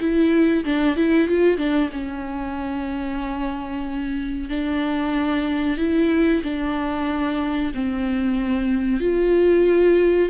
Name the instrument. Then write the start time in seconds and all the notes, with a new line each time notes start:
viola
0.00 E4
0.65 D4
0.96 E4
1.28 F4
1.57 D4
1.92 C#4
4.49 D4
5.78 E4
6.43 D4
7.74 C4
9.01 F4